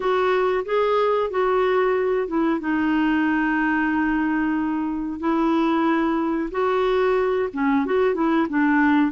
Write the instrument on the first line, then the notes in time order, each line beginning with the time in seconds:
clarinet
0.00 F#4
0.65 G#4
1.30 F#4
2.27 E4
2.60 D#4
5.19 E4
6.51 F#4
7.53 C#4
7.85 F#4
8.14 E4
8.49 D4